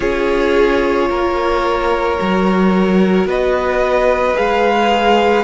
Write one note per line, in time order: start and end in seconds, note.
0.00 1.09 C#4
0.00 2.17 F4
0.00 1.08 G#4
0.00 3.26 C#5
1.09 2.19 A#3
1.09 3.27 A#4
2.18 3.25 F#3
2.18 4.34 F#4
3.25 4.34 B3
3.25 5.43 B4
3.25 4.36 D#5
4.34 5.43 G#3
4.34 5.43 G#4
4.34 5.43 F5